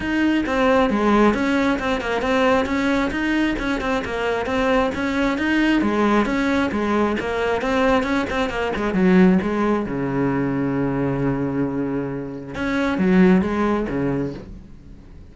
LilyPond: \new Staff \with { instrumentName = "cello" } { \time 4/4 \tempo 4 = 134 dis'4 c'4 gis4 cis'4 | c'8 ais8 c'4 cis'4 dis'4 | cis'8 c'8 ais4 c'4 cis'4 | dis'4 gis4 cis'4 gis4 |
ais4 c'4 cis'8 c'8 ais8 gis8 | fis4 gis4 cis2~ | cis1 | cis'4 fis4 gis4 cis4 | }